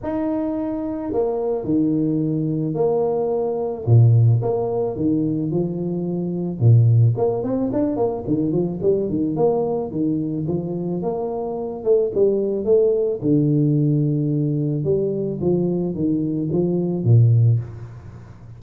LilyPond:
\new Staff \with { instrumentName = "tuba" } { \time 4/4 \tempo 4 = 109 dis'2 ais4 dis4~ | dis4 ais2 ais,4 | ais4 dis4 f2 | ais,4 ais8 c'8 d'8 ais8 dis8 f8 |
g8 dis8 ais4 dis4 f4 | ais4. a8 g4 a4 | d2. g4 | f4 dis4 f4 ais,4 | }